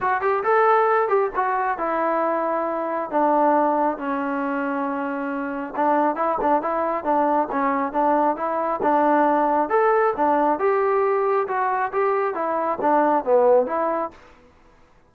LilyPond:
\new Staff \with { instrumentName = "trombone" } { \time 4/4 \tempo 4 = 136 fis'8 g'8 a'4. g'8 fis'4 | e'2. d'4~ | d'4 cis'2.~ | cis'4 d'4 e'8 d'8 e'4 |
d'4 cis'4 d'4 e'4 | d'2 a'4 d'4 | g'2 fis'4 g'4 | e'4 d'4 b4 e'4 | }